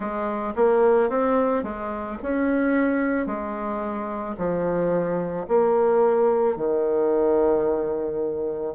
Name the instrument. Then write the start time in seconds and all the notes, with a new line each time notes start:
bassoon
0.00 G#3
0.55 A#3
1.09 C4
1.63 G#3
2.22 C#4
3.26 G#3
4.37 F3
5.47 A#3
6.56 D#3